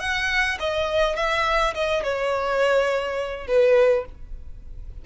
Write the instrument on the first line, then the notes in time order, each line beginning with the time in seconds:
violin
0.00 F#5
0.60 D#5
1.16 E5
1.75 D#5
2.03 C#5
3.47 B4